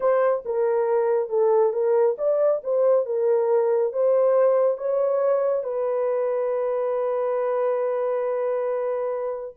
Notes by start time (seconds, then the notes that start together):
0.00 C5
0.45 A#4
1.29 A4
1.72 A#4
2.18 D5
2.63 C5
3.05 A#4
3.92 C5
4.77 C#5
5.63 B4